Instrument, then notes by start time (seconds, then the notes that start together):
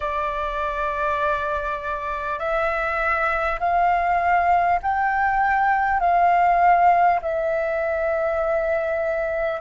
flute
0.00 D5
2.39 E5
3.59 F5
4.82 G5
5.99 F5
7.22 E5